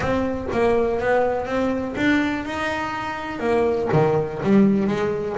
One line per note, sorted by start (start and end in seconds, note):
0.00 0.47 C4
0.51 0.99 A#3
0.99 1.46 B3
1.46 1.94 C4
1.96 2.45 D4
2.45 3.39 D#4
3.39 3.88 A#3
3.92 4.41 D#3
4.43 4.87 G3
4.87 5.36 G#3